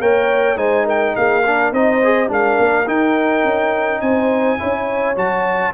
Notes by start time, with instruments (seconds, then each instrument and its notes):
0.00 tuba A#3, trombone A#4, horn C#5, trumpet G5
0.56 tuba G#3, trombone D#4, horn C5, trumpet G#5
0.85 horn A#4, trumpet G5
1.15 tuba A#3, horn G#4, trumpet F5
1.44 trombone D4, horn A#4
1.72 tuba C4, trombone D#4, horn C5, trumpet D#5
2.04 trombone G#4
2.27 tuba G#3, trombone D4, horn A#4, trumpet F5
2.58 tuba A#3
2.86 trombone D#4, tuba D#4, trumpet G5
3.44 tuba C#4
4.01 tuba C4, horn C5, trumpet G#5
4.58 tuba C#4, trombone E4, horn C#5
5.15 tuba F#3, trombone F#4, trumpet A5